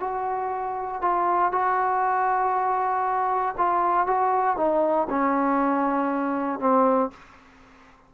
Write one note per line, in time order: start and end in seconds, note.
0.00 1.02 F#4
1.02 1.52 F4
1.52 3.56 F#4
3.58 4.07 F4
4.07 4.57 F#4
4.57 5.08 D#4
5.10 6.60 C#4
6.60 7.11 C4